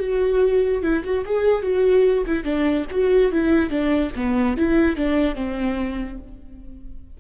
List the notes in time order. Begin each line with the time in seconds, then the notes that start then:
0.00 F#4
0.83 E4
1.04 F#4
1.25 G#4
1.63 F#4
2.26 E4
2.44 D4
2.91 F#4
3.32 E4
3.70 D4
4.16 B3
4.57 E4
4.97 D4
5.35 C4